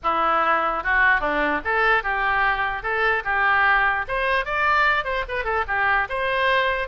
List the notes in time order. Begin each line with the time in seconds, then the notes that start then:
0.03 E4
0.83 F#4
1.20 D4
1.64 A4
2.03 G4
2.82 A4
3.24 G4
4.08 C5
4.45 D5
5.04 C5
5.28 B4
5.44 A4
5.67 G4
6.09 C5